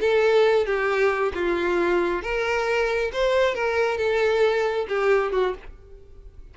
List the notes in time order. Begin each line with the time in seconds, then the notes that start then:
0.00 A4
0.65 G4
1.34 F4
2.22 A#4
3.12 C5
3.54 A#4
3.98 A4
4.88 G4
5.32 F#4